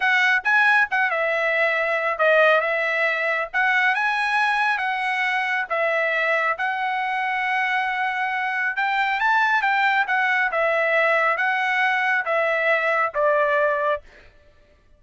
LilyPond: \new Staff \with { instrumentName = "trumpet" } { \time 4/4 \tempo 4 = 137 fis''4 gis''4 fis''8 e''4.~ | e''4 dis''4 e''2 | fis''4 gis''2 fis''4~ | fis''4 e''2 fis''4~ |
fis''1 | g''4 a''4 g''4 fis''4 | e''2 fis''2 | e''2 d''2 | }